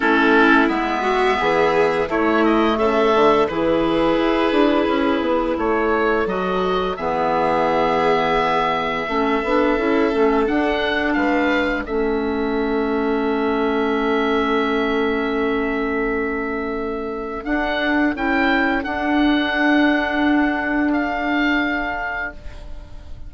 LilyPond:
<<
  \new Staff \with { instrumentName = "oboe" } { \time 4/4 \tempo 4 = 86 a'4 e''2 cis''8 dis''8 | e''4 b'2. | cis''4 dis''4 e''2~ | e''2. fis''4 |
f''4 e''2.~ | e''1~ | e''4 fis''4 g''4 fis''4~ | fis''2 f''2 | }
  \new Staff \with { instrumentName = "violin" } { \time 4/4 e'4. fis'8 gis'4 e'4 | a'4 gis'2. | a'2 gis'2~ | gis'4 a'2. |
b'4 a'2.~ | a'1~ | a'1~ | a'1 | }
  \new Staff \with { instrumentName = "clarinet" } { \time 4/4 cis'4 b2 a4~ | a4 e'2.~ | e'4 fis'4 b2~ | b4 cis'8 d'8 e'8 cis'8 d'4~ |
d'4 cis'2.~ | cis'1~ | cis'4 d'4 e'4 d'4~ | d'1 | }
  \new Staff \with { instrumentName = "bassoon" } { \time 4/4 a4 gis4 e4 a4 | cis8 d8 e4 e'8 d'8 cis'8 b8 | a4 fis4 e2~ | e4 a8 b8 cis'8 a8 d'4 |
gis4 a2.~ | a1~ | a4 d'4 cis'4 d'4~ | d'1 | }
>>